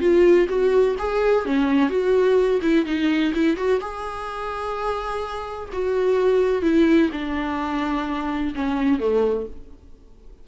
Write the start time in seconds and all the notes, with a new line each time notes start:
0.00 F4
0.48 F#4
0.99 G#4
1.45 C#4
1.89 F#4
2.62 E4
2.85 D#4
3.34 E4
3.56 F#4
3.80 G#4
5.72 F#4
6.62 E4
7.12 D4
8.55 C#4
8.99 A3